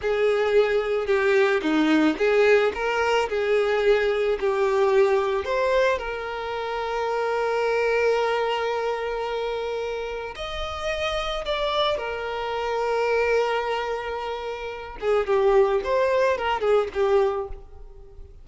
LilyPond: \new Staff \with { instrumentName = "violin" } { \time 4/4 \tempo 4 = 110 gis'2 g'4 dis'4 | gis'4 ais'4 gis'2 | g'2 c''4 ais'4~ | ais'1~ |
ais'2. dis''4~ | dis''4 d''4 ais'2~ | ais'2.~ ais'8 gis'8 | g'4 c''4 ais'8 gis'8 g'4 | }